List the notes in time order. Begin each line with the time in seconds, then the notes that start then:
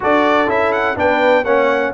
0.00 D4 F#4 A4 D5
0.47 C#4 E4 E5
0.72 F#5
0.96 B3 D4 B4 G5
1.44 A#3 C#4 C#5 F#5